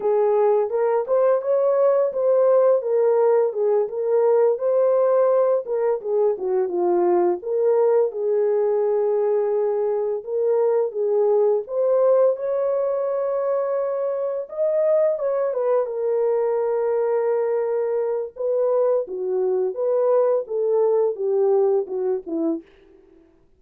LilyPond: \new Staff \with { instrumentName = "horn" } { \time 4/4 \tempo 4 = 85 gis'4 ais'8 c''8 cis''4 c''4 | ais'4 gis'8 ais'4 c''4. | ais'8 gis'8 fis'8 f'4 ais'4 gis'8~ | gis'2~ gis'8 ais'4 gis'8~ |
gis'8 c''4 cis''2~ cis''8~ | cis''8 dis''4 cis''8 b'8 ais'4.~ | ais'2 b'4 fis'4 | b'4 a'4 g'4 fis'8 e'8 | }